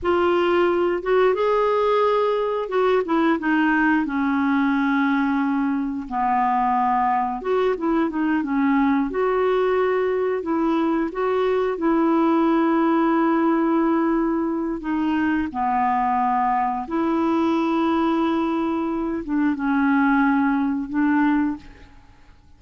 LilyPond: \new Staff \with { instrumentName = "clarinet" } { \time 4/4 \tempo 4 = 89 f'4. fis'8 gis'2 | fis'8 e'8 dis'4 cis'2~ | cis'4 b2 fis'8 e'8 | dis'8 cis'4 fis'2 e'8~ |
e'8 fis'4 e'2~ e'8~ | e'2 dis'4 b4~ | b4 e'2.~ | e'8 d'8 cis'2 d'4 | }